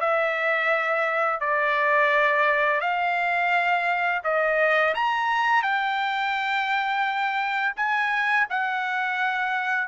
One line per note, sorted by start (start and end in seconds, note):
0.00 1.40 E5
1.40 2.80 D5
2.80 4.21 F5
4.24 4.94 D#5
4.94 5.62 A#5
5.62 7.74 G5
7.76 8.46 G#5
8.50 9.87 F#5